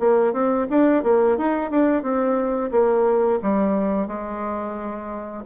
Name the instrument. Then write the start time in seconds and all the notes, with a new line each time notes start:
bassoon
0.00 A#3
0.33 C4
0.70 D4
1.04 A#3
1.38 D#4
1.71 D4
2.03 C4
2.72 A#3
3.43 G3
4.08 G#3